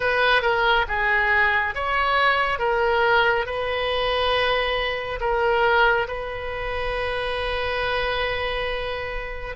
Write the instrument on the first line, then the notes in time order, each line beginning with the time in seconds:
oboe
0.00 B4
0.42 A#4
0.88 G#4
1.74 C#5
2.58 A#4
3.45 B4
5.20 A#4
6.07 B4